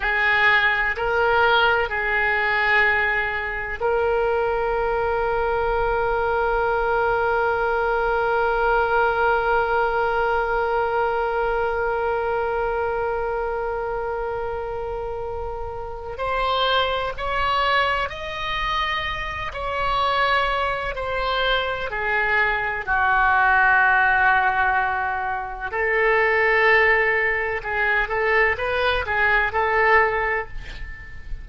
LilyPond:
\new Staff \with { instrumentName = "oboe" } { \time 4/4 \tempo 4 = 63 gis'4 ais'4 gis'2 | ais'1~ | ais'1~ | ais'1~ |
ais'4 c''4 cis''4 dis''4~ | dis''8 cis''4. c''4 gis'4 | fis'2. a'4~ | a'4 gis'8 a'8 b'8 gis'8 a'4 | }